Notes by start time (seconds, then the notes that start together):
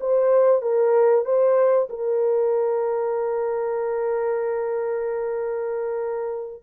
0.00 C5
0.62 A#4
1.25 C5
1.89 A#4